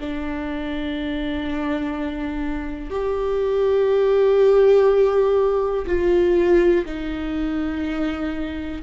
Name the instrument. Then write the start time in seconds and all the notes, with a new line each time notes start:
viola
0.00 D4
2.90 G4
5.87 F4
6.85 D#4